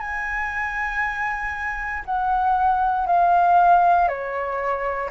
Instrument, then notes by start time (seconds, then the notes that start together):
flute
0.00 G#5
2.06 F#5
3.07 F5
4.09 C#5